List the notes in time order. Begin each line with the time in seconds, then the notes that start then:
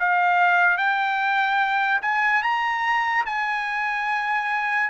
0.00 F5
0.78 G5
2.02 G#5
2.43 A#5
3.26 G#5